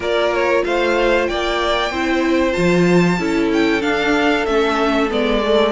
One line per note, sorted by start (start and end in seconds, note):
0.00 0.62 A#3
0.00 1.90 F4
0.00 0.63 A#4
0.00 0.34 D5
0.34 0.64 C#5
0.64 1.29 A3
0.64 1.29 C5
0.64 1.26 F5
1.26 1.90 A#3
1.26 1.91 D5
1.26 2.52 G5
1.90 2.54 C4
1.90 2.52 E4
1.90 3.18 C5
2.52 3.19 F3
2.52 3.16 F4
2.52 3.48 A5
3.19 3.83 C#4
3.19 3.81 E4
3.19 5.72 A4
3.53 3.82 G5
3.81 4.44 D4
3.81 4.46 D4
3.81 4.45 F5
4.45 5.10 A3
4.45 5.09 C#4
4.45 5.09 E5
5.09 5.72 G#3
5.09 5.41 B3
5.09 5.72 D5
5.43 5.72 A3